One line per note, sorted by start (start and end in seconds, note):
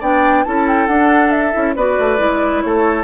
0.00 0.45 B3
0.00 0.45 D4
0.00 0.44 D5
0.00 0.44 G5
0.44 0.87 C#4
0.44 0.89 E4
0.44 1.76 A4
0.44 0.66 A5
0.67 0.87 G5
0.87 1.53 D4
0.87 1.52 D4
0.87 1.31 F#5
1.31 1.74 E5
1.52 1.76 C#4
1.52 1.74 E4
1.76 1.98 B3
1.76 2.17 F#4
1.76 2.63 B4
1.76 2.61 D5
1.99 2.20 A3
2.17 2.63 G#3
2.17 3.04 E4
2.61 3.04 A3
2.61 3.04 A4
2.61 3.04 C#5